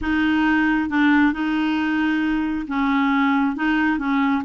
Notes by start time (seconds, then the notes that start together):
0.01 D#4
0.89 D4
1.32 D#4
2.67 C#4
3.56 D#4
3.98 C#4